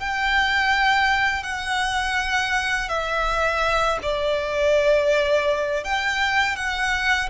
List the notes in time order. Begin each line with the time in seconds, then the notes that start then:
0.00 G5
1.43 F#5
2.89 E5
4.03 D5
5.84 G5
6.56 F#5